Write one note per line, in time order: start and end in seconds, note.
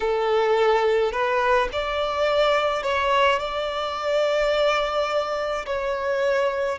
0.00 1.12 A4
1.12 1.68 B4
1.72 2.83 D5
2.83 3.39 C#5
3.39 5.65 D5
5.66 6.78 C#5